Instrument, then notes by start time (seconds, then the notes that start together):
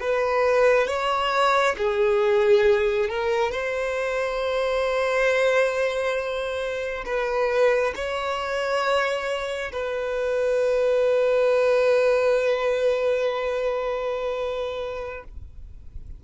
violin
0.00 B4
0.87 C#5
1.77 G#4
3.09 A#4
3.51 C5
7.05 B4
7.95 C#5
9.72 B4